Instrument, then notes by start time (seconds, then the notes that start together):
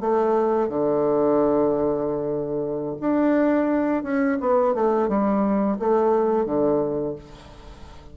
bassoon
0.00 A3
0.69 D3
3.00 D4
4.03 C#4
4.40 B3
4.74 A3
5.08 G3
5.79 A3
6.45 D3